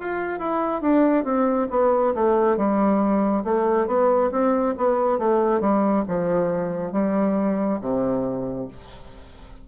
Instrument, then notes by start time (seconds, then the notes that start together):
bassoon
0.00 F4
0.39 E4
0.81 D4
1.24 C4
1.70 B3
2.15 A3
2.57 G3
3.44 A3
3.87 B3
4.31 C4
4.77 B3
5.19 A3
5.61 G3
6.08 F3
6.92 G3
7.81 C3